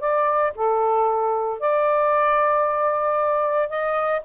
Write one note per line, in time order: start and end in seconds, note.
0.00 0.53 D5
0.55 1.60 A4
1.60 3.69 D5
3.69 4.22 D#5